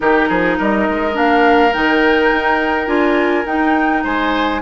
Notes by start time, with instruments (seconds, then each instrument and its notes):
0.00 bassoon D#3, clarinet D#4, oboe G4, flute A#4
0.28 bassoon F3, oboe G#4
0.57 bassoon G3, oboe A#4, flute D#5
0.89 bassoon G#3
1.12 bassoon A#3, clarinet D4, flute F5
1.73 bassoon D#3, clarinet D#4, flute G5
2.32 bassoon D#4
2.86 bassoon D4, clarinet F4, flute G#5
3.45 bassoon D#4, clarinet D#4, flute G5
4.03 bassoon G#3, oboe C5, flute G#5